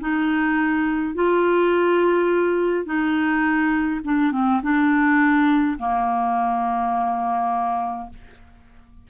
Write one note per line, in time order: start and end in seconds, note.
0.00 1.14 D#4
1.14 2.85 F4
2.85 4.01 D#4
4.04 4.32 D4
4.32 4.61 C4
4.63 5.78 D4
5.78 8.09 A#3